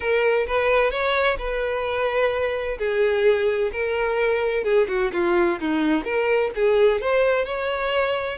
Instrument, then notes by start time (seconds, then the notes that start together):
violin
0.00 A#4
0.46 B4
0.90 C#5
1.38 B4
2.78 G#4
3.72 A#4
4.64 G#4
4.88 F#4
5.13 F4
5.60 D#4
6.04 A#4
6.55 G#4
7.01 C5
7.45 C#5